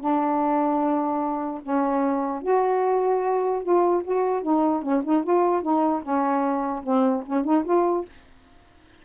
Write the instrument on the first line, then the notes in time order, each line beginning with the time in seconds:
saxophone
0.00 D4
1.63 C#4
2.42 F#4
3.63 F4
4.04 F#4
4.43 D#4
4.82 C#4
5.04 D#4
5.24 F4
5.62 D#4
6.02 C#4
6.83 C4
7.26 C#4
7.44 D#4
7.65 F4